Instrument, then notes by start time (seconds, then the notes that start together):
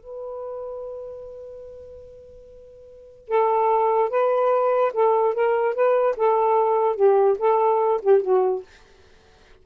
saxophone
0.00 B4
3.28 A4
4.10 B4
4.94 A4
5.34 A#4
5.75 B4
6.16 A4
6.96 G4
7.39 A4
8.02 G4
8.22 F#4